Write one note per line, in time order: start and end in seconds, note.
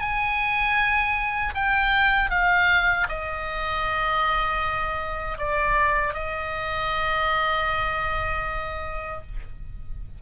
0.00 1.54 G#5
1.55 2.30 G5
2.30 3.07 F5
3.09 5.38 D#5
5.38 6.14 D5
6.14 9.21 D#5